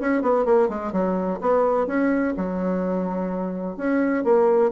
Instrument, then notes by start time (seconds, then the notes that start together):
bassoon
0.00 C#4
0.22 B3
0.45 A#3
0.69 G#3
0.93 F#3
1.41 B3
1.87 C#4
2.37 F#3
3.77 C#4
4.24 A#3